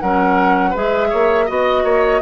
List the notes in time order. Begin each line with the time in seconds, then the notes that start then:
0.00 F#3 C#4 A#4 F#5
0.70 G#3 G#4 B4 E5
1.09 A#3 C#5
1.45 B3 F#4 D#5
1.83 A#3 C#5